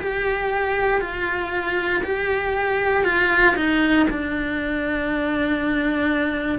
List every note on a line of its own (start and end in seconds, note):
0.00 1.01 G4
1.01 2.02 F4
2.04 3.04 G4
3.04 3.55 F4
3.56 4.07 D#4
4.10 6.59 D4